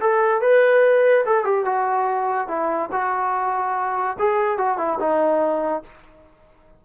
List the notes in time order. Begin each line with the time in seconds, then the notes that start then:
0.00 A4
0.41 B4
1.26 A4
1.45 G4
1.65 F#4
2.48 E4
2.92 F#4
4.19 G#4
4.58 F#4
4.78 E4
4.99 D#4